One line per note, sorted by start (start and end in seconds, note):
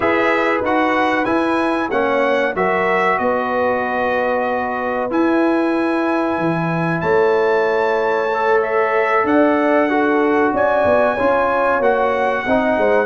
0.00 0.61 E4
0.00 0.64 G#4
0.00 1.89 B4
0.00 0.61 E5
0.61 1.25 D#4
0.61 1.25 F#4
0.61 1.24 F#5
1.24 1.89 E4
1.24 1.90 E4
1.24 1.88 G#5
1.91 2.55 A#3
1.91 2.55 C#4
1.91 2.55 C#5
1.91 2.54 F#5
2.55 3.19 F#3
2.55 5.10 F#4
2.55 3.19 A#4
2.55 3.18 E5
3.18 5.10 B3
3.18 7.01 B4
3.18 5.09 D#5
5.10 8.29 E4
5.10 6.37 E4
5.10 7.01 G#5
6.37 7.01 E3
7.01 9.24 A3
7.01 9.24 C#5
7.01 8.60 A5
8.34 9.89 A4
8.62 9.26 E5
9.24 10.51 D4
9.24 9.89 D5
9.24 10.54 F#5
9.89 11.17 F#4
9.89 10.53 A4
10.52 10.84 C#4
10.52 11.14 D5
10.52 11.82 G#5
10.84 11.16 B3
11.14 11.79 C#4
11.14 11.81 F4
11.14 12.42 C#5
11.79 12.43 A#3
11.79 12.45 F#4
11.79 13.06 F#5
12.45 12.77 C4
12.45 13.06 D#4
12.45 12.77 D#5
12.77 13.06 G#3
12.77 13.06 C5